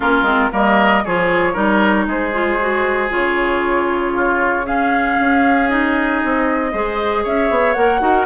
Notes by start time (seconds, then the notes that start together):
0.00 A#3 C#4 F4 A#4
0.22 G#3 C4
0.51 G3 A#3 A#4 D#5
1.04 F3 F4 G#4 C#5
1.53 G3 D#4 A#4
2.06 G#3 G#4 C5
2.32 F4
2.60 F#4
3.09 C#3 F4 C#5
4.14 F4
4.65 C#4 G#4 F5
5.19 C#4
5.68 D#4 D#5
6.23 C4
6.71 G#3 G#4 C5
7.23 C#4 C#5 E5
7.49 B3
7.73 A#3 A#4 F#5
8.00 D#4 F#4 A#4